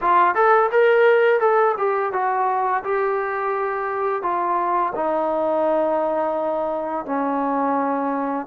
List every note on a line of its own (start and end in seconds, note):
0.01 0.34 F4
0.34 0.70 A4
0.71 1.40 A#4
1.40 1.75 A4
1.77 2.12 G4
2.12 2.83 F#4
2.84 4.22 G4
4.22 4.93 F4
4.95 7.05 D#4
7.05 8.46 C#4